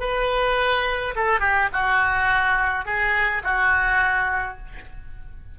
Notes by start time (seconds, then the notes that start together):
0.00 B4
1.16 A4
1.40 G4
1.73 F#4
2.85 G#4
3.44 F#4